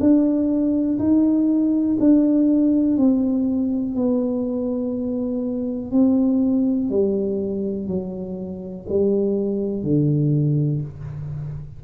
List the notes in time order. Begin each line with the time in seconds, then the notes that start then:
0.00 D4
0.98 D#4
1.99 D4
2.97 C4
3.95 B3
5.91 C4
6.89 G3
7.87 F#3
8.88 G3
9.83 D3